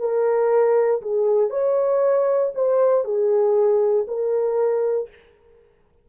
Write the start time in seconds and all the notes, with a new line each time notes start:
0.00 A#4
1.02 G#4
1.50 C#5
2.55 C5
3.05 G#4
4.08 A#4